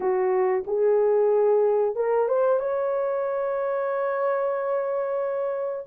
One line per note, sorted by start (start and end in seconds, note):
0.00 0.64 F#4
0.66 1.95 G#4
1.95 2.28 A#4
2.28 2.59 C5
2.59 5.85 C#5